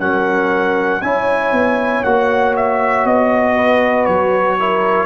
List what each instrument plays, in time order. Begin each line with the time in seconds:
0.00 tuba F#3, trombone C#4, horn A#4, trumpet F#5
1.02 tuba C#4, trombone E4, horn C#5, trumpet G#5
1.52 tuba B3
2.04 tuba A#3, trombone F#4, trumpet F#5
2.56 trumpet E5
3.05 tuba B3, trumpet D#5
3.56 horn B4
4.05 tuba F#3, trumpet C#5
4.59 trombone E4, horn A#4